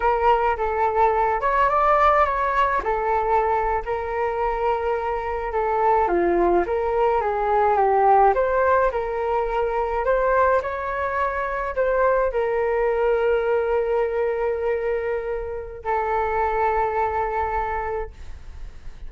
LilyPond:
\new Staff \with { instrumentName = "flute" } { \time 4/4 \tempo 4 = 106 ais'4 a'4. cis''8 d''4 | cis''4 a'4.~ a'16 ais'4~ ais'16~ | ais'4.~ ais'16 a'4 f'4 ais'16~ | ais'8. gis'4 g'4 c''4 ais'16~ |
ais'4.~ ais'16 c''4 cis''4~ cis''16~ | cis''8. c''4 ais'2~ ais'16~ | ais'1 | a'1 | }